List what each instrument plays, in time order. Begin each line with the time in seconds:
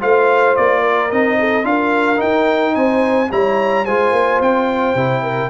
0.00 tuba A3, trombone F4, horn C5, trumpet F5
0.56 tuba A#3, trumpet D5
0.82 horn A#4
1.10 tuba C4, trombone D#4, trumpet D#5
1.39 horn A4
1.63 tuba D4, trombone F4, horn A#4, trumpet F5
2.16 trombone D#4, trumpet G5
2.22 tuba D#4
2.74 tuba C4, horn C5, trumpet G#5
3.30 tuba G3, trombone E4, horn C#5, trumpet A#5
3.85 tuba G#3, trombone F4, horn C5, trumpet G#5
4.12 tuba A#3
4.40 tuba C4, trumpet G5
4.94 tuba C3, trombone E4
5.22 horn A#4